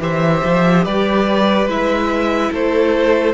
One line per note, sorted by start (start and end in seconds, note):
0.00 0.42 E3
0.00 1.68 G4
0.00 0.85 C5
0.00 0.85 E5
0.44 0.86 F3
0.85 1.66 G3
0.85 2.51 B4
0.85 1.68 D5
1.66 2.50 G#3
1.66 3.34 E4
1.66 2.53 E5
2.51 3.34 A3
2.51 3.34 A4
2.51 3.34 C5